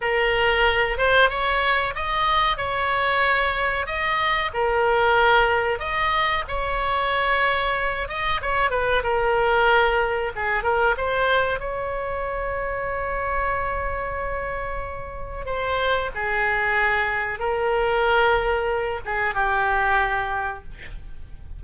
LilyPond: \new Staff \with { instrumentName = "oboe" } { \time 4/4 \tempo 4 = 93 ais'4. c''8 cis''4 dis''4 | cis''2 dis''4 ais'4~ | ais'4 dis''4 cis''2~ | cis''8 dis''8 cis''8 b'8 ais'2 |
gis'8 ais'8 c''4 cis''2~ | cis''1 | c''4 gis'2 ais'4~ | ais'4. gis'8 g'2 | }